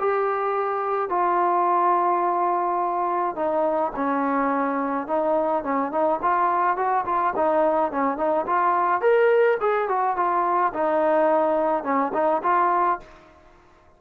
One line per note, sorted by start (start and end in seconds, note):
0.00 1.10 G4
1.10 3.36 F4
3.36 3.92 D#4
3.96 5.08 C#4
5.08 5.64 D#4
5.64 5.92 C#4
5.92 6.20 D#4
6.22 6.77 F4
6.77 7.05 F#4
7.06 7.34 F4
7.36 7.92 D#4
7.92 8.18 C#4
8.18 8.46 D#4
8.47 9.02 F4
9.02 9.58 A#4
9.61 9.89 G#4
9.89 10.17 F#4
10.17 10.73 F4
10.74 11.84 D#4
11.84 12.12 C#4
12.14 12.42 D#4
12.43 13.00 F4